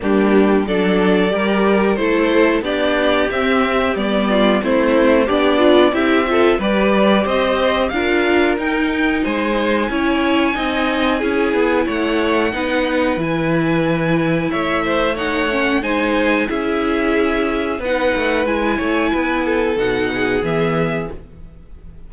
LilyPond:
<<
  \new Staff \with { instrumentName = "violin" } { \time 4/4 \tempo 4 = 91 g'4 d''2 c''4 | d''4 e''4 d''4 c''4 | d''4 e''4 d''4 dis''4 | f''4 g''4 gis''2~ |
gis''2 fis''2 | gis''2 e''4 fis''4 | gis''4 e''2 fis''4 | gis''2 fis''4 e''4 | }
  \new Staff \with { instrumentName = "violin" } { \time 4/4 d'4 a'4 ais'4 a'4 | g'2~ g'8 f'8 e'4 | d'4 g'8 a'8 b'4 c''4 | ais'2 c''4 cis''4 |
dis''4 gis'4 cis''4 b'4~ | b'2 cis''8 c''8 cis''4 | c''4 gis'2 b'4~ | b'8 cis''8 b'8 a'4 gis'4. | }
  \new Staff \with { instrumentName = "viola" } { \time 4/4 ais4 d'4 g'4 e'4 | d'4 c'4 b4 c'4 | g'8 f'8 e'8 f'8 g'2 | f'4 dis'2 e'4 |
dis'4 e'2 dis'4 | e'2. dis'8 cis'8 | dis'4 e'2 dis'4 | e'2 dis'4 b4 | }
  \new Staff \with { instrumentName = "cello" } { \time 4/4 g4 fis4 g4 a4 | b4 c'4 g4 a4 | b4 c'4 g4 c'4 | d'4 dis'4 gis4 cis'4 |
c'4 cis'8 b8 a4 b4 | e2 a2 | gis4 cis'2 b8 a8 | gis8 a8 b4 b,4 e4 | }
>>